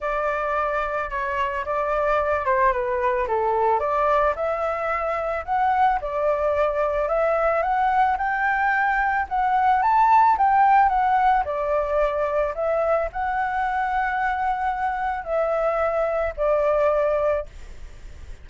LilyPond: \new Staff \with { instrumentName = "flute" } { \time 4/4 \tempo 4 = 110 d''2 cis''4 d''4~ | d''8 c''8 b'4 a'4 d''4 | e''2 fis''4 d''4~ | d''4 e''4 fis''4 g''4~ |
g''4 fis''4 a''4 g''4 | fis''4 d''2 e''4 | fis''1 | e''2 d''2 | }